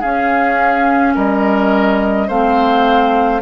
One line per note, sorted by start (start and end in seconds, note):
0.00 2.29 C#4
0.00 1.16 C#4
0.00 1.13 G#4
0.00 1.15 F5
1.15 2.29 G3
1.15 2.28 A#4
1.15 2.29 D#5
2.28 3.42 A3
2.28 3.42 C4
2.28 3.41 C5
2.28 3.42 F5